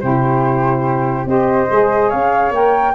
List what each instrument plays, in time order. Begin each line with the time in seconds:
0.00 tuba C3, saxophone E4, flute G4 C5
1.25 tuba C4, saxophone G4, flute C5 D#5
1.70 tuba G#3, saxophone G#4
2.08 tuba C#4, flute C#5 F5
2.51 tuba A#3, saxophone A#4, flute G5